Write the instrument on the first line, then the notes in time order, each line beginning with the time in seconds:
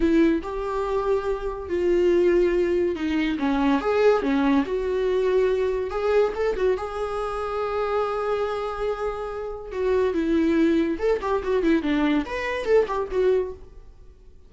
viola
0.00 E4
0.42 G4
1.69 F4
2.95 D#4
3.38 C#4
3.80 G#4
4.22 C#4
4.65 F#4
5.90 G#4
6.35 A4
6.56 F#4
6.77 G#4
9.71 F#4
10.13 E4
10.99 A4
11.21 G4
11.43 F#4
11.62 E4
11.82 D4
12.25 B4
12.65 A4
12.87 G4
13.11 F#4